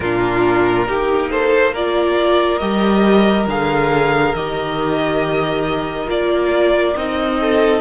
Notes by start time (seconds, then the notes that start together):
0.00 A#2 D4 F4 A#4
0.86 A#3 D#4 G4
1.30 A4 C5
1.73 F4 A#4 D5
2.58 G3 G4 D#5
3.47 D3 G#4 F5
4.34 D#3 G4 D#5
6.06 A#3 F4 D5
6.96 C4 D#4 D#5
7.40 A4